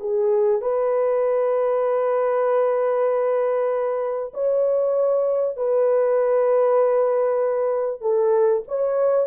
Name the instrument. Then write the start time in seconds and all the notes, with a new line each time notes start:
horn
0.00 G#4
0.61 B4
4.34 C#5
5.56 B4
8.01 A4
8.68 C#5